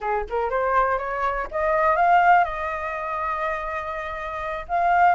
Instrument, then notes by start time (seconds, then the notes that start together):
flute
0.00 G#4
0.29 A#4
0.50 C5
0.98 C#5
1.51 D#5
1.95 F5
2.44 D#5
4.68 F5